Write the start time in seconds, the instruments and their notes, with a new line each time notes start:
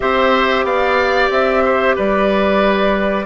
0.00 bassoon C4, clarinet G4, oboe C5, flute E5
0.63 bassoon B3, oboe D5, flute F5
1.30 bassoon C4, flute E5
1.64 oboe C5
1.95 bassoon G3, oboe B4, flute D5